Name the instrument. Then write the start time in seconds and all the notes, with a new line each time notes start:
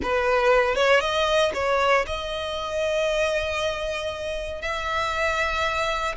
violin
0.02 B4
0.75 C#5
1.00 D#5
1.54 C#5
2.06 D#5
4.61 E5